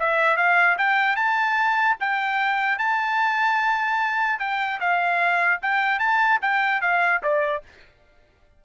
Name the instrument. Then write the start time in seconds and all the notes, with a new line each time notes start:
trumpet
0.00 E5
0.37 F5
0.78 G5
1.16 A5
2.00 G5
2.79 A5
4.39 G5
4.80 F5
5.62 G5
5.99 A5
6.42 G5
6.82 F5
7.23 D5